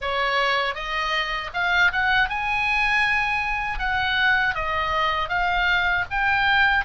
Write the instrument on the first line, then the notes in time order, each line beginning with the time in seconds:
oboe
0.01 C#5
0.74 D#5
1.53 F5
1.92 F#5
2.29 G#5
3.78 F#5
4.54 D#5
5.29 F5
6.10 G5